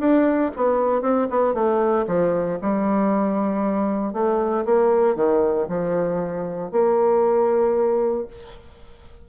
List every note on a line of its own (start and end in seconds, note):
0.00 0.52 D4
0.56 1.02 B3
1.02 1.28 C4
1.31 1.54 B3
1.54 2.06 A3
2.08 2.59 F3
2.62 4.14 G3
4.14 4.65 A3
4.66 5.16 A#3
5.16 5.68 D#3
5.69 6.72 F3
6.72 8.27 A#3